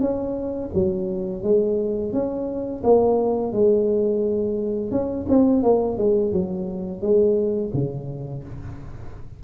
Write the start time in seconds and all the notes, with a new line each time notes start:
0.00 C#4
0.74 F#3
1.43 G#3
2.12 C#4
2.84 A#3
3.52 G#3
4.91 C#4
5.29 C4
5.63 A#3
5.97 G#3
6.32 F#3
7.01 G#3
7.73 C#3